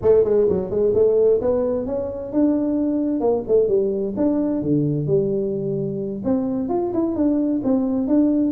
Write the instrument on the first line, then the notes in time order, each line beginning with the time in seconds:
tuba
0.02 A3
0.24 G#3
0.48 F#3
0.70 G#3
0.94 A3
1.41 B3
1.86 C#4
2.32 D4
3.20 A#3
3.47 A3
3.68 G3
4.16 D4
4.62 D3
5.06 G3
6.24 C4
6.69 F4
6.93 E4
7.15 D4
7.64 C4
8.07 D4